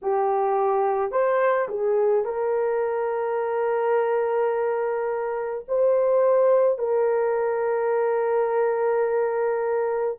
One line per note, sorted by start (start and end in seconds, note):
0.02 1.11 G4
1.11 1.68 C5
1.68 2.24 G#4
2.24 5.64 A#4
5.68 6.78 C5
6.78 10.18 A#4